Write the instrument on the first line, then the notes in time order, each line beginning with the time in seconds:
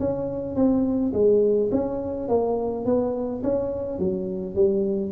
tuba
0.00 C#4
0.56 C4
1.14 G#3
1.72 C#4
2.29 A#3
2.85 B3
3.44 C#4
3.99 F#3
4.55 G3